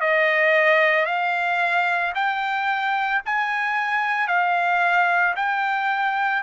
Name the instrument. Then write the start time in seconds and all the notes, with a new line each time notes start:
trumpet
0.00 D#5
1.06 F5
2.14 G5
3.26 G#5
4.28 F5
5.36 G5